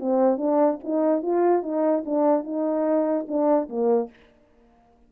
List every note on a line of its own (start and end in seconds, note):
0.00 0.38 C4
0.38 0.79 D4
0.84 1.22 D#4
1.22 1.63 F4
1.63 2.04 D#4
2.06 2.44 D4
2.44 3.26 D#4
3.28 3.69 D4
3.69 4.10 A#3